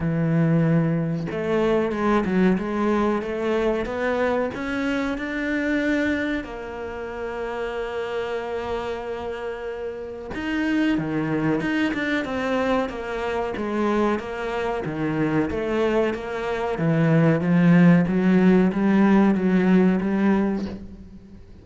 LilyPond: \new Staff \with { instrumentName = "cello" } { \time 4/4 \tempo 4 = 93 e2 a4 gis8 fis8 | gis4 a4 b4 cis'4 | d'2 ais2~ | ais1 |
dis'4 dis4 dis'8 d'8 c'4 | ais4 gis4 ais4 dis4 | a4 ais4 e4 f4 | fis4 g4 fis4 g4 | }